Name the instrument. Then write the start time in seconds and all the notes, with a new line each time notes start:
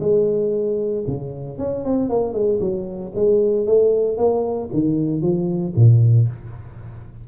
tuba
0.00 G#3
1.07 C#3
1.58 C#4
1.85 C4
2.09 A#3
2.33 G#3
2.60 F#3
3.15 G#3
3.66 A3
4.17 A#3
4.73 D#3
5.21 F3
5.76 A#2